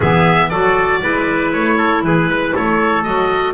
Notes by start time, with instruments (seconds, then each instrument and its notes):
0.00 double bass E3, clarinet B3, trumpet G#4, oboe E5
0.49 double bass F#3, clarinet F#4, trumpet A4, oboe D5
1.02 double bass G#3, clarinet E4, trumpet B4
1.52 double bass A3, oboe C#5
1.77 trumpet A4
2.03 double bass E3, trumpet G#4, oboe B4
2.28 double bass G#3, trumpet B4
2.54 double bass A3, trumpet A4, oboe C#5
3.03 double bass F#3, clarinet F#4, oboe D#5